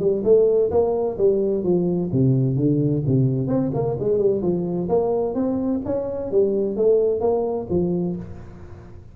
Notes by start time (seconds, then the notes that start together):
0.00 G3
0.25 A3
0.71 A#3
1.18 G3
1.64 F3
2.13 C3
2.56 D3
3.07 C3
3.48 C4
3.74 A#3
4.00 G#3
4.19 G3
4.42 F3
4.89 A#3
5.35 C4
5.86 C#4
6.32 G3
6.77 A3
7.21 A#3
7.70 F3